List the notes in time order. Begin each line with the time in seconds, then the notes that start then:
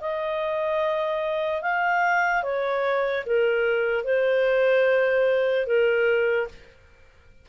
0.00 D#5
1.61 F5
2.43 C#5
3.25 A#4
4.04 C5
5.66 A#4